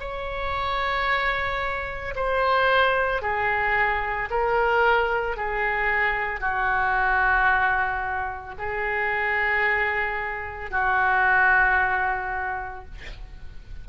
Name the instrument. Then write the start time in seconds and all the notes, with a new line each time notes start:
oboe
0.00 C#5
2.15 C5
3.22 G#4
4.31 A#4
5.37 G#4
6.40 F#4
8.58 G#4
10.71 F#4